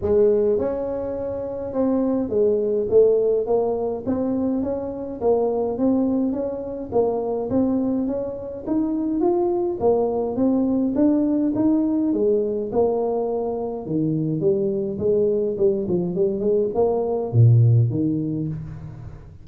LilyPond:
\new Staff \with { instrumentName = "tuba" } { \time 4/4 \tempo 4 = 104 gis4 cis'2 c'4 | gis4 a4 ais4 c'4 | cis'4 ais4 c'4 cis'4 | ais4 c'4 cis'4 dis'4 |
f'4 ais4 c'4 d'4 | dis'4 gis4 ais2 | dis4 g4 gis4 g8 f8 | g8 gis8 ais4 ais,4 dis4 | }